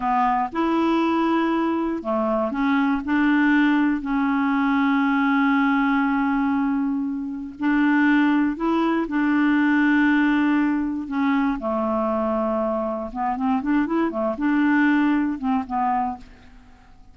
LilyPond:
\new Staff \with { instrumentName = "clarinet" } { \time 4/4 \tempo 4 = 119 b4 e'2. | a4 cis'4 d'2 | cis'1~ | cis'2. d'4~ |
d'4 e'4 d'2~ | d'2 cis'4 a4~ | a2 b8 c'8 d'8 e'8 | a8 d'2 c'8 b4 | }